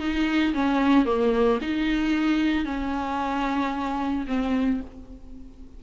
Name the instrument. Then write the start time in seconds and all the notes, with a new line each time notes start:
viola
0.00 D#4
0.54 C#4
1.06 A#3
1.61 D#4
2.65 C#4
4.27 C4